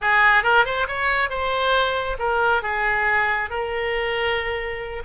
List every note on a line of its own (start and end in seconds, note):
0.01 0.43 G#4
0.43 0.65 A#4
0.65 0.87 C5
0.87 1.29 C#5
1.29 2.17 C5
2.18 2.62 A#4
2.62 3.49 G#4
3.49 5.03 A#4